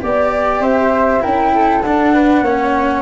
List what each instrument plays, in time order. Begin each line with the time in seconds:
0.00 tuba B3, cello G4, flute D5
0.60 tuba C4, flute C5 E5
1.19 tuba C#4, cello E4, flute A#4 G5
1.54 flute A4
1.82 tuba D4, cello D4, flute F#5
2.13 flute B4
2.42 tuba A#3, cello C#4, flute C#5